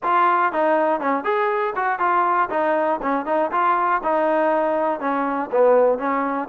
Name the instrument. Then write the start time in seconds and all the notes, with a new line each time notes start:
trombone
0.02 F4
0.52 D#4
1.00 C#4
1.24 G#4
1.75 F#4
1.99 F4
2.50 D#4
3.02 C#4
3.25 D#4
3.51 F4
4.03 D#4
5.00 C#4
5.51 B3
5.98 C#4